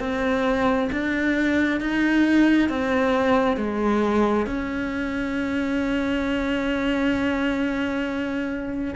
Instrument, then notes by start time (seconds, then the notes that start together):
cello
0.00 C4
0.92 D4
1.81 D#4
2.69 C4
3.57 G#3
4.47 C#4